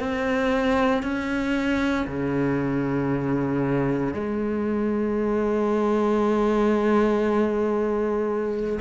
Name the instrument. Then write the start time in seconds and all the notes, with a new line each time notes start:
cello
0.00 C4
1.03 C#4
2.07 C#3
4.14 G#3